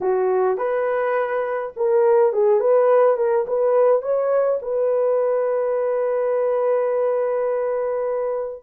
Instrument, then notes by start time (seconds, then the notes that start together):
horn
0.01 F#4
0.57 B4
1.76 A#4
2.32 G#4
2.60 B4
3.16 A#4
3.47 B4
4.01 C#5
4.62 B4